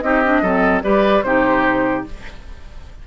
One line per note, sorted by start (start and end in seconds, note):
0.00 0.42 C4
0.00 0.22 D#4
0.00 0.42 G4
0.00 0.81 D#5
0.24 0.44 D4
0.42 0.82 F#3
0.42 0.83 C4
0.42 0.82 A4
0.82 1.22 G3
0.82 1.23 G4
0.82 1.24 B4
0.82 1.23 D5
1.22 2.04 C3
1.22 2.06 D#4
1.22 2.07 G4
1.22 2.04 C5